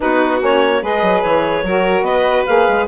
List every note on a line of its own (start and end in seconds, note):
0.00 0.41 B3
0.00 0.40 D#4
0.00 0.82 F#4
0.00 0.42 B4
0.40 0.82 A#3
0.40 0.81 C#4
0.40 0.84 C#5
0.81 1.01 G#3
0.81 1.64 G#4
0.81 1.64 B4
0.81 1.22 D#5
1.01 1.22 F#3
1.22 1.62 E3
1.22 2.03 C#5
1.62 2.01 F#3
1.62 2.47 F#4
1.62 2.04 A#4
2.01 2.42 B3
2.01 2.87 B4
2.01 2.45 D#5
2.45 2.68 A#3
2.45 2.87 G#4
2.45 2.86 F5
2.68 2.87 G#3